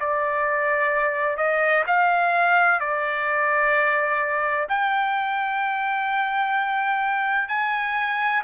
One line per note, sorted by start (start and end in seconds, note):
0.00 1.37 D5
1.37 1.84 D#5
1.87 2.80 F5
2.80 4.67 D5
4.69 7.48 G5
7.48 8.42 G#5